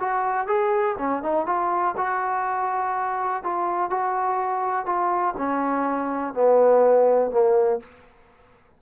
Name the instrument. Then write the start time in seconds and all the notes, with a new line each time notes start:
trombone
0.00 F#4
0.47 G#4
0.98 C#4
1.23 D#4
1.46 F4
1.97 F#4
3.44 F4
3.90 F#4
4.86 F4
5.38 C#4
6.34 B3
7.31 A#3